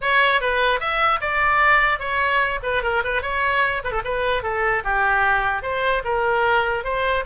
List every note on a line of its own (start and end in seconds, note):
0.01 0.40 C#5
0.40 0.79 B4
0.79 1.20 E5
1.21 1.99 D5
1.99 2.59 C#5
2.62 2.82 B4
2.83 3.03 A#4
3.04 3.21 B4
3.21 3.82 C#5
3.84 3.91 B4
3.91 4.01 A4
4.04 4.43 B4
4.43 4.83 A4
4.83 5.62 G4
5.62 6.02 C5
6.04 6.84 A#4
6.84 7.24 C5